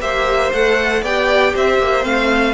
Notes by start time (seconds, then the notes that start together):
0.00 A#3 G4 C5 E5
0.53 A3 A4 F#5
1.02 B3 G4 D5 G5
1.54 C4 C5 E5
1.79 A#3
2.02 A3 C4 F5